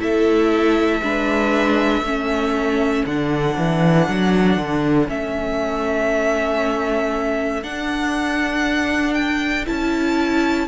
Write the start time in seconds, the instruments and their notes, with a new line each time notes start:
0.00 cello A3, viola E4, violin A4 E5
1.03 cello G#3, viola D4, violin B4
2.02 cello A3, viola C#4, violin A4
3.06 cello D3, viola D4, violin F#5
3.58 cello E3
4.09 cello F#3
4.58 cello D3
5.08 cello A3, viola C#4, violin E5
7.63 cello D4, viola D4, violin F#5
9.14 violin G5
9.67 cello C#4, viola E4, violin A5